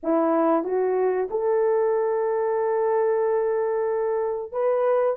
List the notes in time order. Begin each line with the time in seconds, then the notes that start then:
0.03 E4
0.63 F#4
1.30 A4
4.52 B4